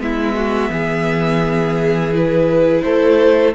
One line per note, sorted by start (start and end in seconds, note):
0.00 0.70 G#3
0.00 2.12 B3
0.00 0.36 E4
0.00 2.14 E5
0.36 0.71 F#4
0.70 2.82 E3
0.70 2.84 G#4
2.13 3.54 E4
2.13 2.83 B4
2.83 3.55 A3
2.83 3.55 A4
2.83 3.53 C5